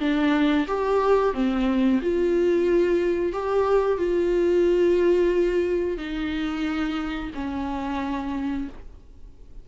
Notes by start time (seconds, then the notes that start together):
0.00 D4
0.68 G4
1.34 C4
2.02 F4
3.33 G4
3.98 F4
5.97 D#4
7.35 C#4